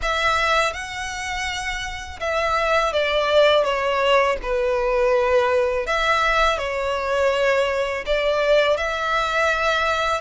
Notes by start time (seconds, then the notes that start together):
0.02 E5
0.73 F#5
2.20 E5
2.92 D5
3.64 C#5
4.42 B4
5.86 E5
6.58 C#5
8.06 D5
8.77 E5